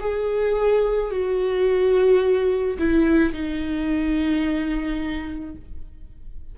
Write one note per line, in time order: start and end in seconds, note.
0.00 1.11 G#4
1.11 2.78 F#4
2.78 3.33 E4
3.33 5.56 D#4